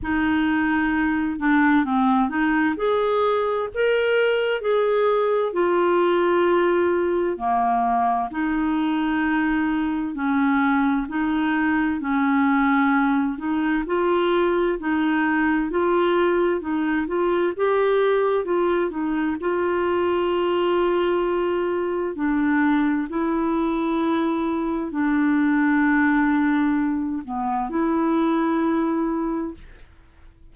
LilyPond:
\new Staff \with { instrumentName = "clarinet" } { \time 4/4 \tempo 4 = 65 dis'4. d'8 c'8 dis'8 gis'4 | ais'4 gis'4 f'2 | ais4 dis'2 cis'4 | dis'4 cis'4. dis'8 f'4 |
dis'4 f'4 dis'8 f'8 g'4 | f'8 dis'8 f'2. | d'4 e'2 d'4~ | d'4. b8 e'2 | }